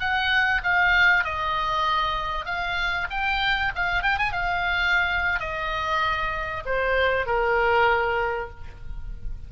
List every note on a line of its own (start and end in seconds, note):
0.00 0.62 F#5
0.64 1.25 F5
1.25 2.46 D#5
2.46 3.08 F5
3.11 3.73 G5
3.76 4.03 F5
4.03 4.18 G5
4.18 4.33 G#5
4.33 5.40 F5
5.40 6.64 D#5
6.66 7.27 C5
7.27 8.50 A#4